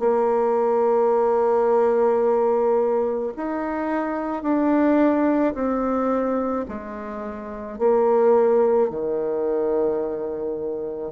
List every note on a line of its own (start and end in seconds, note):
0.00 3.33 A#3
3.37 4.43 D#4
4.43 5.54 D4
5.55 6.66 C4
6.69 7.79 G#3
7.79 8.90 A#3
8.90 11.12 D#3